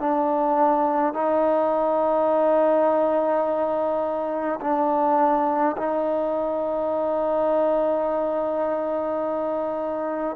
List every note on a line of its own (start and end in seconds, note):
0.00 1.14 D4
1.14 4.60 D#4
4.61 5.76 D4
5.77 10.36 D#4